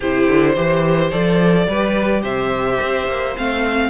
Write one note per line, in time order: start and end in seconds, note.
0.00 0.28 C3
0.00 0.56 E4
0.00 0.53 G4
0.00 1.10 C5
0.28 0.56 D3
0.53 1.12 E3
0.53 1.12 G4
0.53 1.65 C5
1.10 1.67 F3
1.10 1.68 A4
1.10 2.22 D5
1.67 2.23 G3
1.67 3.37 G4
1.67 2.21 B4
2.21 2.79 C3
2.21 3.89 C5
2.21 3.36 E5
2.81 3.07 C4
3.07 3.35 A#3
3.37 3.89 A3
3.37 3.89 C4
3.37 3.89 F5